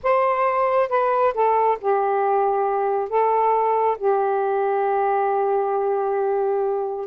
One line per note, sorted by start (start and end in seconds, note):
0.03 0.89 C5
0.89 1.33 B4
1.34 1.78 A4
1.80 3.09 G4
3.09 3.97 A4
3.98 7.06 G4